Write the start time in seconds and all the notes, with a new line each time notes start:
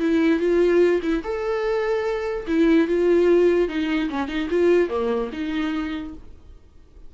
0.00 E4
0.39 F4
1.02 E4
1.24 A4
2.47 E4
2.88 F4
3.68 D#4
4.09 C#4
4.28 D#4
4.50 F4
4.89 A#3
5.32 D#4